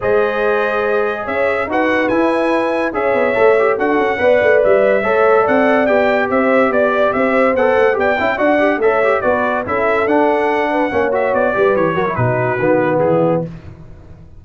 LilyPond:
<<
  \new Staff \with { instrumentName = "trumpet" } { \time 4/4 \tempo 4 = 143 dis''2. e''4 | fis''4 gis''2 e''4~ | e''4 fis''2 e''4~ | e''4 fis''4 g''4 e''4 |
d''4 e''4 fis''4 g''4 | fis''4 e''4 d''4 e''4 | fis''2~ fis''8 e''8 d''4 | cis''4 b'2 gis'4 | }
  \new Staff \with { instrumentName = "horn" } { \time 4/4 c''2. cis''4 | b'2. cis''4~ | cis''4 a'4 d''2 | cis''4 d''2 c''4 |
d''4 c''2 d''8 e''8 | d''4 cis''4 b'4 a'4~ | a'4. b'8 cis''4. b'8~ | b'8 ais'8 fis'2 e'4 | }
  \new Staff \with { instrumentName = "trombone" } { \time 4/4 gis'1 | fis'4 e'2 gis'4 | a'8 g'8 fis'4 b'2 | a'2 g'2~ |
g'2 a'4 g'8 e'8 | fis'8 g'8 a'8 g'8 fis'4 e'4 | d'2 cis'8 fis'4 g'8~ | g'8 fis'16 e'16 dis'4 b2 | }
  \new Staff \with { instrumentName = "tuba" } { \time 4/4 gis2. cis'4 | dis'4 e'2 cis'8 b8 | a4 d'8 cis'8 b8 a8 g4 | a4 c'4 b4 c'4 |
b4 c'4 b8 a8 b8 cis'8 | d'4 a4 b4 cis'4 | d'2 ais4 b8 g8 | e8 fis8 b,4 dis4 e4 | }
>>